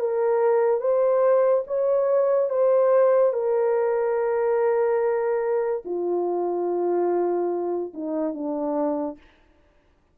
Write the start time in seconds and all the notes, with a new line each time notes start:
0.00 A#4
0.81 C5
1.67 C#5
2.50 C5
3.33 A#4
5.85 F4
7.94 D#4
8.34 D4